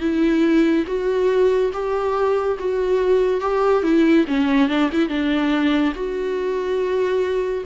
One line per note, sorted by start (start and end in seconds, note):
0.00 0.85 E4
0.86 1.71 F#4
1.73 2.57 G4
2.59 3.40 F#4
3.40 3.83 G4
3.83 4.25 E4
4.27 4.69 C#4
4.69 4.90 D4
4.92 5.08 E4
5.08 5.93 D4
5.95 7.64 F#4